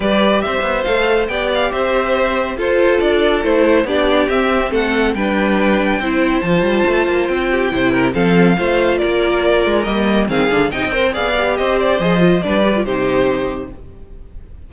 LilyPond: <<
  \new Staff \with { instrumentName = "violin" } { \time 4/4 \tempo 4 = 140 d''4 e''4 f''4 g''8 f''8 | e''2 c''4 d''4 | c''4 d''4 e''4 fis''4 | g''2. a''4~ |
a''4 g''2 f''4~ | f''4 d''2 dis''4 | f''4 g''4 f''4 dis''8 d''8 | dis''4 d''4 c''2 | }
  \new Staff \with { instrumentName = "violin" } { \time 4/4 b'4 c''2 d''4 | c''2 a'2~ | a'4 g'2 a'4 | b'2 c''2~ |
c''4. g'8 c''8 ais'8 a'4 | c''4 ais'2. | gis'4 dis''8 c''8 d''4 c''4~ | c''4 b'4 g'2 | }
  \new Staff \with { instrumentName = "viola" } { \time 4/4 g'2 a'4 g'4~ | g'2 f'2 | e'4 d'4 c'2 | d'2 e'4 f'4~ |
f'2 e'4 c'4 | f'2. ais4 | c'8 d'8 dis'8 ais'8 gis'8 g'4. | gis'8 f'8 d'8 g'16 f'16 dis'2 | }
  \new Staff \with { instrumentName = "cello" } { \time 4/4 g4 c'8 b8 a4 b4 | c'2 f'4 d'4 | a4 b4 c'4 a4 | g2 c'4 f8 g8 |
a8 ais8 c'4 c4 f4 | a4 ais4. gis8 g4 | dis8 d8 c16 c'8. b4 c'4 | f4 g4 c2 | }
>>